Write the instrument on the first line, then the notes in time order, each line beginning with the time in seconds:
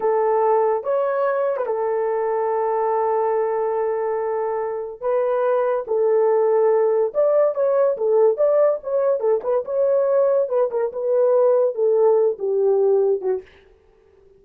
horn
0.00 A4
0.83 C#5
1.57 B4
1.66 A4
5.00 B4
5.87 A4
7.14 D5
7.54 C#5
7.97 A4
8.37 D5
8.83 C#5
9.20 A4
9.43 B4
9.65 C#5
10.49 B4
10.71 A#4
10.92 B4
11.74 A4
12.38 G4
13.21 F#4